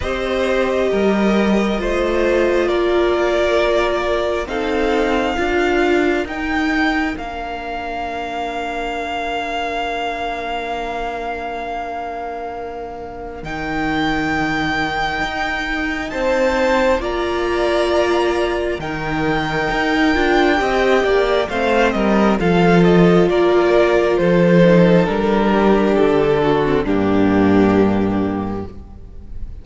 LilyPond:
<<
  \new Staff \with { instrumentName = "violin" } { \time 4/4 \tempo 4 = 67 dis''2. d''4~ | d''4 f''2 g''4 | f''1~ | f''2. g''4~ |
g''2 a''4 ais''4~ | ais''4 g''2. | f''8 dis''8 f''8 dis''8 d''4 c''4 | ais'4 a'4 g'2 | }
  \new Staff \with { instrumentName = "violin" } { \time 4/4 c''4 ais'4 c''4 ais'4~ | ais'4 a'4 ais'2~ | ais'1~ | ais'1~ |
ais'2 c''4 d''4~ | d''4 ais'2 dis''8 d''8 | c''8 ais'8 a'4 ais'4 a'4~ | a'8 g'4 fis'8 d'2 | }
  \new Staff \with { instrumentName = "viola" } { \time 4/4 g'2 f'2~ | f'4 dis'4 f'4 dis'4 | d'1~ | d'2. dis'4~ |
dis'2. f'4~ | f'4 dis'4. f'8 g'4 | c'4 f'2~ f'8 dis'8 | d'4.~ d'16 c'16 ais2 | }
  \new Staff \with { instrumentName = "cello" } { \time 4/4 c'4 g4 a4 ais4~ | ais4 c'4 d'4 dis'4 | ais1~ | ais2. dis4~ |
dis4 dis'4 c'4 ais4~ | ais4 dis4 dis'8 d'8 c'8 ais8 | a8 g8 f4 ais4 f4 | g4 d4 g,2 | }
>>